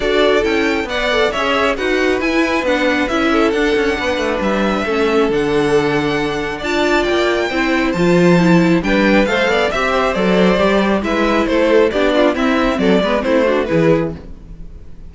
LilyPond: <<
  \new Staff \with { instrumentName = "violin" } { \time 4/4 \tempo 4 = 136 d''4 g''4 fis''4 e''4 | fis''4 gis''4 fis''4 e''4 | fis''2 e''2 | fis''2. a''4 |
g''2 a''2 | g''4 f''4 e''4 d''4~ | d''4 e''4 c''4 d''4 | e''4 d''4 c''4 b'4 | }
  \new Staff \with { instrumentName = "violin" } { \time 4/4 a'2 d''4 cis''4 | b'2.~ b'8 a'8~ | a'4 b'2 a'4~ | a'2. d''4~ |
d''4 c''2. | b'4 c''8 d''8 e''8 c''4.~ | c''4 b'4 a'4 g'8 f'8 | e'4 a'8 b'8 e'8 fis'8 gis'4 | }
  \new Staff \with { instrumentName = "viola" } { \time 4/4 fis'4 e'4 b'8 a'8 gis'4 | fis'4 e'4 d'4 e'4 | d'2. cis'4 | d'2. f'4~ |
f'4 e'4 f'4 e'4 | d'4 a'4 g'4 a'4 | g'4 e'2 d'4 | c'4. b8 c'8 d'8 e'4 | }
  \new Staff \with { instrumentName = "cello" } { \time 4/4 d'4 cis'4 b4 cis'4 | dis'4 e'4 b4 cis'4 | d'8 cis'8 b8 a8 g4 a4 | d2. d'4 |
ais4 c'4 f2 | g4 a8 b8 c'4 fis4 | g4 gis4 a4 b4 | c'4 fis8 gis8 a4 e4 | }
>>